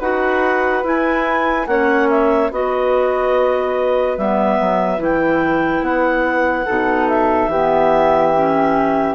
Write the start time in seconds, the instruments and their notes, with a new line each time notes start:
0.00 bassoon D#4, clarinet F#4 F#5, flute B4
0.84 clarinet E4 G#5, bassoon E4
1.67 bassoon A#3, clarinet C#4 F#5, flute C#5
2.09 clarinet E5
2.51 bassoon B3, clarinet F#4 D#5, flute B4
4.18 bassoon G3, clarinet B3 E5
4.60 bassoon F#3
4.98 bassoon E3, clarinet E4 G5
5.82 bassoon B3, clarinet F#5
6.66 bassoon B2, clarinet D#4, flute A4
7.09 clarinet E5
7.48 bassoon E3, clarinet B3, flute G4
8.35 clarinet C#4